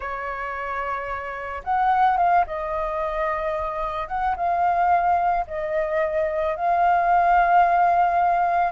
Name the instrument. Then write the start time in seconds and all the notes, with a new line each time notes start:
flute
0.00 C#5
1.63 F#5
2.17 F5
2.46 D#5
4.08 F#5
4.36 F5
5.47 D#5
6.56 F5